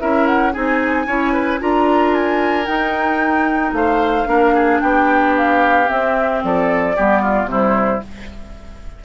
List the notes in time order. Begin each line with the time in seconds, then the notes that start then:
0.00 C#4 E4 A#4 E5
0.27 F#5
0.53 C4 D#4 G#4 G#5
1.07 C#4 E4 C#5
1.33 B4
1.60 D4 F4 A#4 A#5
2.14 G#5
2.66 D#4 G5
3.73 A3 C5 F5
4.25 A#3 D4 A#4
4.54 G#4
4.81 B3 G4 G5
5.38 F5
5.88 C4 E5
6.44 F3 A4 D5
6.96 G3 B3 G4
7.22 F4
7.45 C3 G3 C5
7.51 E4